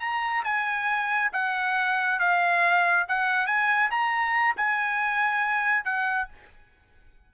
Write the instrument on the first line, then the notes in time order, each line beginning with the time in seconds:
trumpet
0.00 A#5
0.44 G#5
1.33 F#5
2.20 F5
3.08 F#5
3.47 G#5
3.91 A#5
4.57 G#5
5.85 F#5